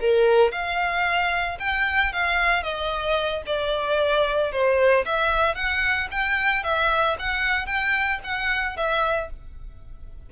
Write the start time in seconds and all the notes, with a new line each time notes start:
0.00 A#4
0.51 F5
1.59 G5
2.12 F5
2.63 D#5
3.46 D5
4.52 C5
5.05 E5
5.55 F#5
6.11 G5
6.63 E5
7.19 F#5
7.66 G5
8.23 F#5
8.76 E5